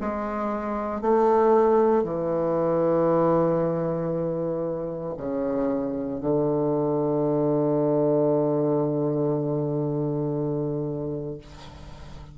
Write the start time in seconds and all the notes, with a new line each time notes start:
0.00 G#3
1.01 A3
2.04 E3
5.17 C#3
6.20 D3